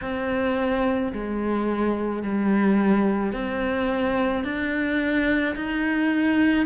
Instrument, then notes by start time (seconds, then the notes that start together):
cello
0.01 C4
1.12 G#3
2.22 G3
3.32 C4
4.44 D4
5.55 D#4